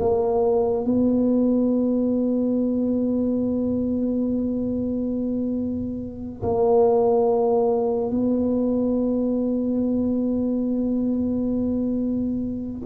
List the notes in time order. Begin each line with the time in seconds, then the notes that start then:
0.00 A#3
0.85 B3
6.43 A#3
8.10 B3